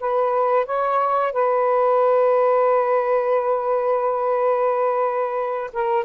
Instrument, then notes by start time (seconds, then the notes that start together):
saxophone
0.00 B4
0.66 C#5
1.33 B4
5.73 A#4